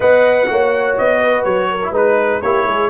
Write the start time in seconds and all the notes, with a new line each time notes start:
0.00 B3 B4 D#5 F#5
0.46 A#3 F#4 C#5
0.97 B3 D#5
1.19 B4
1.44 F#3 C#5
1.70 A#4
1.83 E4
1.90 G#3 D#4 B4
2.41 A#3 E4 G4 C#5
2.66 G#3 G#4